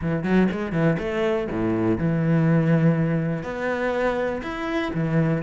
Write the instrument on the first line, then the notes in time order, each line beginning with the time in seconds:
cello
0.01 E3
0.23 F#3
0.51 G#3
0.72 E3
0.99 A3
1.50 A2
1.98 E3
3.43 B3
4.42 E4
4.94 E3